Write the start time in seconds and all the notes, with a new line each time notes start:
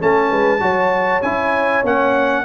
0.00 A3 C#4 A4 A5
0.30 G#3 B4
0.60 F#3 F#4 C#5
1.22 C#4 E4 G#5
1.84 A#3 C#4 F#5